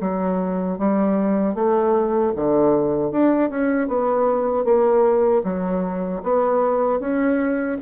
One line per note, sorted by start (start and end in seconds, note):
0.00 0.78 F#3
0.78 1.54 G3
1.54 2.32 A3
2.36 3.11 D3
3.11 3.50 D4
3.50 3.88 C#4
3.88 4.65 B3
4.65 5.43 A#3
5.44 6.22 F#3
6.23 7.00 B3
7.00 7.78 C#4